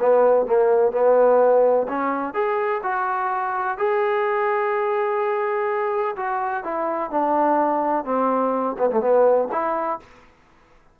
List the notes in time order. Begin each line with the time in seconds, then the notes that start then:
0.00 B3
0.47 A#3
0.92 B3
1.89 C#4
2.34 G#4
2.83 F#4
3.78 G#4
6.17 F#4
6.64 E4
7.11 D4
8.05 C4
8.79 B3
8.91 A3
9.01 B3
9.52 E4